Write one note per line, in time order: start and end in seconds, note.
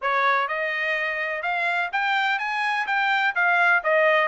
0.01 0.48 C#5
0.48 1.42 D#5
1.42 1.90 F5
1.92 2.39 G5
2.39 2.86 G#5
2.86 3.34 G5
3.35 3.82 F5
3.83 4.28 D#5